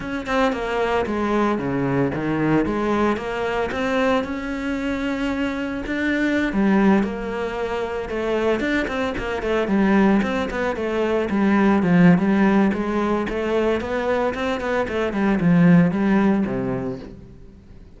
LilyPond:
\new Staff \with { instrumentName = "cello" } { \time 4/4 \tempo 4 = 113 cis'8 c'8 ais4 gis4 cis4 | dis4 gis4 ais4 c'4 | cis'2. d'4~ | d'16 g4 ais2 a8.~ |
a16 d'8 c'8 ais8 a8 g4 c'8 b16~ | b16 a4 g4 f8. g4 | gis4 a4 b4 c'8 b8 | a8 g8 f4 g4 c4 | }